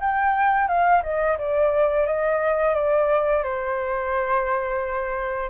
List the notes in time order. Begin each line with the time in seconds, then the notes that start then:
0.00 G5
0.67 F5
1.03 D#5
1.38 D5
2.06 D#5
2.75 D5
3.43 C5